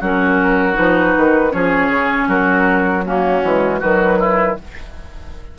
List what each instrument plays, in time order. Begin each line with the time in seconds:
0.00 bassoon F#3, clarinet C#4, oboe F#4, flute A#4
0.73 bassoon F3, clarinet D#4, flute B4
1.16 bassoon D#3
1.51 bassoon F3, clarinet C#4, oboe G#4, flute C#5
1.88 bassoon C#3
2.27 bassoon F#3, oboe F#4, flute A#4
3.05 clarinet A#3, oboe C#4, flute F#4
3.42 bassoon E3, clarinet G#3
3.79 bassoon D#3, clarinet F#3, oboe F#4, flute B4
4.19 oboe E4